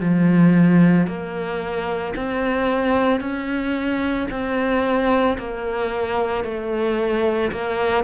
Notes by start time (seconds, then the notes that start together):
0.00 F3
1.07 A#3
2.16 C4
3.21 C#4
4.31 C4
5.39 A#3
6.44 A3
7.52 A#3